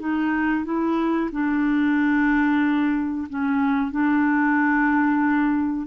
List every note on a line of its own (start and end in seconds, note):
0.00 0.65 D#4
0.66 1.31 E4
1.33 3.28 D4
3.30 3.92 C#4
3.92 5.87 D4